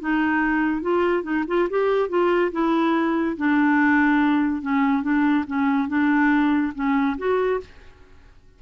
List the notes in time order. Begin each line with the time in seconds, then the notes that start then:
0.00 D#4
0.82 F4
1.23 D#4
1.47 F4
1.70 G4
2.09 F4
2.52 E4
3.37 D4
4.62 C#4
5.02 D4
5.47 C#4
5.88 D4
6.75 C#4
7.18 F#4